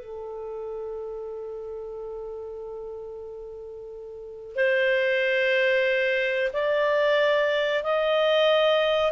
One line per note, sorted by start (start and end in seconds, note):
0.00 4.56 A4
4.56 6.52 C5
6.54 7.84 D5
7.84 9.12 D#5